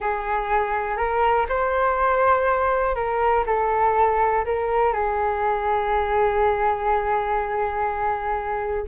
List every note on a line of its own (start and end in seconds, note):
0.00 0.97 G#4
0.97 1.46 A#4
1.48 2.95 C5
2.95 3.44 A#4
3.46 4.44 A4
4.45 4.92 A#4
4.92 8.86 G#4